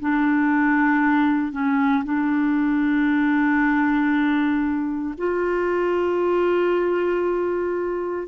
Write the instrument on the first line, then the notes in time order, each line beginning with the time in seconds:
clarinet
0.00 D4
1.52 C#4
2.05 D4
5.18 F4